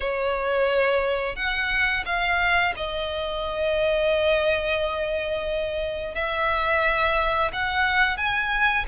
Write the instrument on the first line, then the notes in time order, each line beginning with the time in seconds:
violin
0.00 C#5
1.36 F#5
2.05 F5
2.76 D#5
6.14 E5
7.52 F#5
8.17 G#5